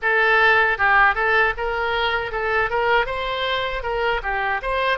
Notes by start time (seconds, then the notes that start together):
0.01 A4
0.78 G4
1.15 A4
1.57 A#4
2.31 A4
2.70 A#4
3.06 C5
3.83 A#4
4.22 G4
4.62 C5